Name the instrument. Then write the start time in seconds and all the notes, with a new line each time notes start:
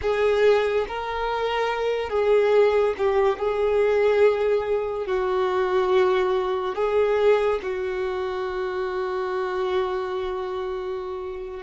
violin
0.01 G#4
0.88 A#4
2.09 G#4
2.97 G4
3.38 G#4
5.06 F#4
6.75 G#4
7.62 F#4